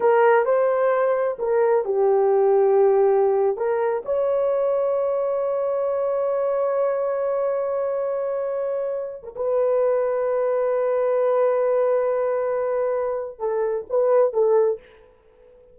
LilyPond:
\new Staff \with { instrumentName = "horn" } { \time 4/4 \tempo 4 = 130 ais'4 c''2 ais'4 | g'2.~ g'8. ais'16~ | ais'8. cis''2.~ cis''16~ | cis''1~ |
cis''1 | ais'16 b'2.~ b'8.~ | b'1~ | b'4 a'4 b'4 a'4 | }